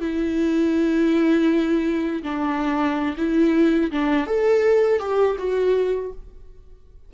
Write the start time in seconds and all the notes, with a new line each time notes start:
0.00 E4
2.23 D4
3.17 E4
3.91 D4
4.26 A4
4.99 G4
5.38 F#4